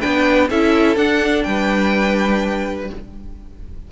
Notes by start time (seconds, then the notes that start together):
0.00 B3 D4 B4 G5
0.49 C#4 E4 A4 E5
0.96 D4 F#5
1.43 G3 B4 G5